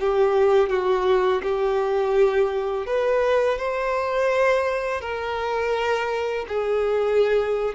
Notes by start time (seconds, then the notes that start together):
0.00 G4
0.70 F#4
1.43 G4
2.87 B4
3.58 C5
5.01 A#4
6.49 G#4